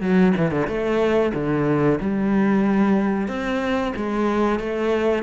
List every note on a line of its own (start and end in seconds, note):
0.00 0.33 F#3
0.36 0.50 E3
0.50 0.67 D3
0.67 1.32 A3
1.34 1.99 D3
2.00 3.28 G3
3.28 3.93 C4
3.96 4.59 G#3
4.59 5.23 A3